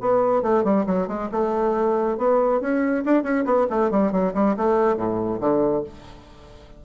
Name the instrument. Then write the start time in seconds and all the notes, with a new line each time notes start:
bassoon
0.00 B3
0.42 A3
0.64 G3
0.86 F#3
1.07 G#3
1.31 A3
2.17 B3
2.61 C#4
3.05 D4
3.23 C#4
3.45 B3
3.69 A3
3.90 G3
4.12 F#3
4.34 G3
4.57 A3
4.96 A2
5.40 D3